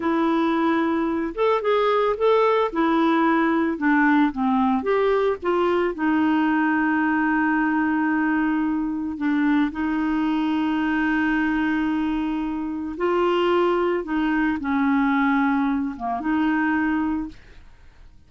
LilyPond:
\new Staff \with { instrumentName = "clarinet" } { \time 4/4 \tempo 4 = 111 e'2~ e'8 a'8 gis'4 | a'4 e'2 d'4 | c'4 g'4 f'4 dis'4~ | dis'1~ |
dis'4 d'4 dis'2~ | dis'1 | f'2 dis'4 cis'4~ | cis'4. ais8 dis'2 | }